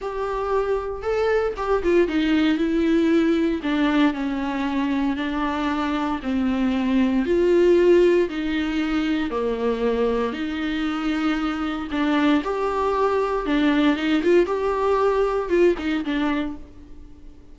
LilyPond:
\new Staff \with { instrumentName = "viola" } { \time 4/4 \tempo 4 = 116 g'2 a'4 g'8 f'8 | dis'4 e'2 d'4 | cis'2 d'2 | c'2 f'2 |
dis'2 ais2 | dis'2. d'4 | g'2 d'4 dis'8 f'8 | g'2 f'8 dis'8 d'4 | }